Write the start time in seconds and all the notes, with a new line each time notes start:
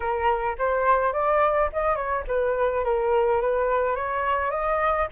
0.00 A#4
0.58 C5
1.12 D5
1.73 D#5
1.95 C#5
2.27 B4
2.84 A#4
3.41 B4
3.95 C#5
4.51 D#5